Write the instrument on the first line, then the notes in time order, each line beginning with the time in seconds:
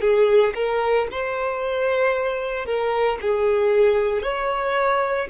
violin
0.00 G#4
0.55 A#4
1.11 C5
2.66 A#4
3.21 G#4
4.22 C#5